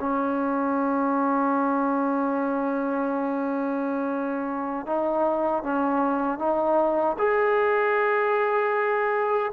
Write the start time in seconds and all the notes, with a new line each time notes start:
0.00 C#4
4.86 D#4
5.63 C#4
6.39 D#4
7.18 G#4